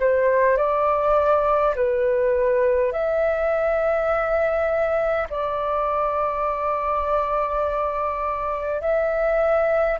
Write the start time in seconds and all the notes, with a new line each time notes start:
0.00 C5
0.57 D5
1.76 B4
2.93 E5
5.30 D5
8.81 E5